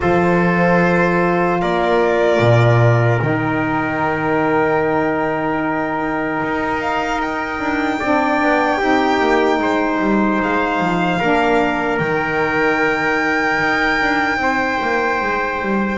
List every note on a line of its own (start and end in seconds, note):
0.00 1.62 F3
0.00 3.19 F4
0.00 1.60 A4
0.00 1.60 C5
1.61 2.39 A#3
1.61 7.99 A#4
1.61 3.21 D5
2.39 3.19 A#2
3.20 6.41 D#3
3.20 8.00 D#4
3.20 6.80 G5
6.42 7.59 D#4
6.80 7.20 F5
7.21 10.41 G5
7.59 7.99 D4
7.99 8.41 C4
7.99 8.79 D4
7.99 8.77 D5
8.41 8.80 B3
8.77 9.20 C4
8.77 11.20 D#4
8.77 9.57 G4
9.20 9.59 A#3
9.59 9.99 G#3
9.59 11.19 C5
9.99 10.39 G3
10.40 10.80 G#3
10.40 11.98 F5
10.80 11.20 F3
11.19 11.99 A#3
11.19 12.00 D4
11.19 14.39 A#4
11.98 13.59 D#3
11.98 15.97 D#4
11.98 15.97 G5
13.60 14.00 D#4
14.01 14.36 D4
14.36 14.76 C4
14.36 15.97 C5
14.81 15.21 A#3
15.21 15.61 G#3
15.61 15.97 G3